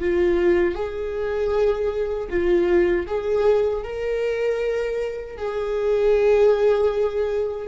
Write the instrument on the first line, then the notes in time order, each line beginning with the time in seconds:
viola
0.00 F4
0.75 G#4
2.30 F4
3.07 G#4
3.84 A#4
5.37 G#4